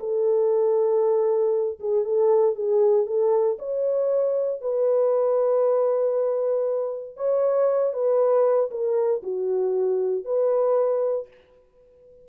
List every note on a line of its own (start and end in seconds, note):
0.00 1.79 A4
1.80 2.05 G#4
2.05 2.56 A4
2.56 3.07 G#4
3.07 3.58 A4
3.59 4.62 C#5
4.62 7.17 B4
7.17 7.93 C#5
7.93 8.70 B4
8.71 9.22 A#4
9.23 10.25 F#4
10.25 11.28 B4